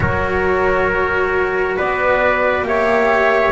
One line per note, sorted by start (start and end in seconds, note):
0.00 1.77 F#3
0.00 2.64 F#4
0.00 1.76 A#4
0.00 1.75 C#5
1.76 2.62 B3
1.76 2.65 B4
1.76 2.65 D5
2.62 3.50 A#3
2.62 3.51 G4
2.62 3.51 C#5
2.62 3.51 E5